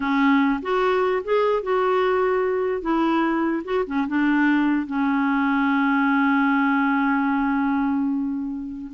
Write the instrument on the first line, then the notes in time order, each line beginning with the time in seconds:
clarinet
0.00 C#4
0.61 F#4
1.23 G#4
1.62 F#4
2.81 E4
3.64 F#4
3.87 C#4
4.07 D4
4.86 C#4